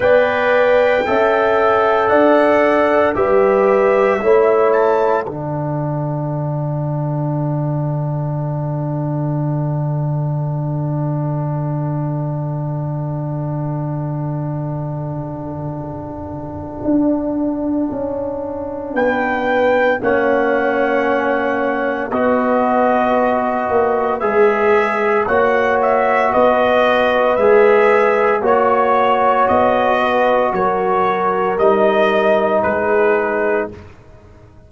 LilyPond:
<<
  \new Staff \with { instrumentName = "trumpet" } { \time 4/4 \tempo 4 = 57 g''2 fis''4 e''4~ | e''8 a''8 fis''2.~ | fis''1~ | fis''1~ |
fis''2 g''4 fis''4~ | fis''4 dis''2 e''4 | fis''8 e''8 dis''4 e''4 cis''4 | dis''4 cis''4 dis''4 b'4 | }
  \new Staff \with { instrumentName = "horn" } { \time 4/4 d''4 e''4 d''4 b'4 | cis''4 a'2.~ | a'1~ | a'1~ |
a'2 b'4 cis''4~ | cis''4 b'2. | cis''4 b'2 cis''4~ | cis''8 b'8 ais'2 gis'4 | }
  \new Staff \with { instrumentName = "trombone" } { \time 4/4 b'4 a'2 g'4 | e'4 d'2.~ | d'1~ | d'1~ |
d'2. cis'4~ | cis'4 fis'2 gis'4 | fis'2 gis'4 fis'4~ | fis'2 dis'2 | }
  \new Staff \with { instrumentName = "tuba" } { \time 4/4 b4 cis'4 d'4 g4 | a4 d2.~ | d1~ | d1 |
d'4 cis'4 b4 ais4~ | ais4 b4. ais8 gis4 | ais4 b4 gis4 ais4 | b4 fis4 g4 gis4 | }
>>